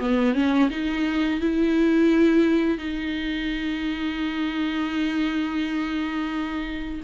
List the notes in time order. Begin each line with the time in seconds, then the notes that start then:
0.00 B3
0.34 C#4
0.70 D#4
1.41 E4
2.78 D#4